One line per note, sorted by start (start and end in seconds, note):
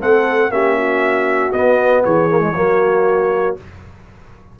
0.00 0.50 A3
0.00 0.51 C4
0.00 0.51 A4
0.00 0.52 F#5
0.50 1.51 A#3
0.50 1.53 C#4
0.50 0.77 G4
0.50 1.53 E5
0.77 2.04 F#4
1.53 2.04 B3
1.53 2.31 B3
1.53 2.03 D#5
2.04 2.55 E3
2.04 2.56 G#4
2.04 3.57 C#5
2.31 2.40 A#3
2.40 2.53 G#3
2.55 3.57 F#3
2.55 3.57 A#3
2.55 3.60 F#4